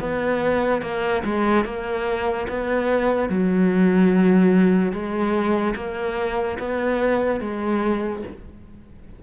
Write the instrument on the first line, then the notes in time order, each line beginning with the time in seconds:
cello
0.00 B3
0.81 A#3
1.24 G#3
1.65 A#3
2.48 B3
3.29 F#3
4.92 G#3
5.75 A#3
6.58 B3
7.40 G#3